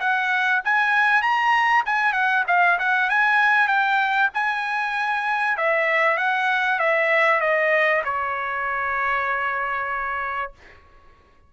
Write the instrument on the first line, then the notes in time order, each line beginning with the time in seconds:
trumpet
0.00 F#5
0.64 G#5
1.22 A#5
1.85 G#5
2.13 F#5
2.47 F5
2.79 F#5
3.09 G#5
3.67 G5
4.34 G#5
5.57 E5
6.17 F#5
6.79 E5
7.40 D#5
8.04 C#5